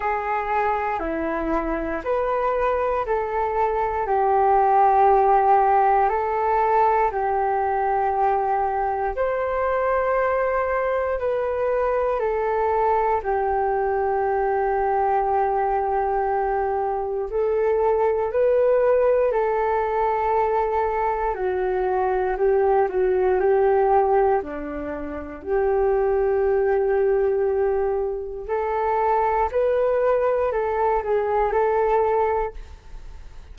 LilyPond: \new Staff \with { instrumentName = "flute" } { \time 4/4 \tempo 4 = 59 gis'4 e'4 b'4 a'4 | g'2 a'4 g'4~ | g'4 c''2 b'4 | a'4 g'2.~ |
g'4 a'4 b'4 a'4~ | a'4 fis'4 g'8 fis'8 g'4 | d'4 g'2. | a'4 b'4 a'8 gis'8 a'4 | }